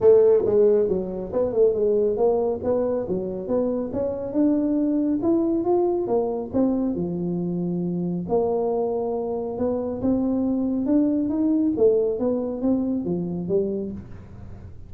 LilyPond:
\new Staff \with { instrumentName = "tuba" } { \time 4/4 \tempo 4 = 138 a4 gis4 fis4 b8 a8 | gis4 ais4 b4 fis4 | b4 cis'4 d'2 | e'4 f'4 ais4 c'4 |
f2. ais4~ | ais2 b4 c'4~ | c'4 d'4 dis'4 a4 | b4 c'4 f4 g4 | }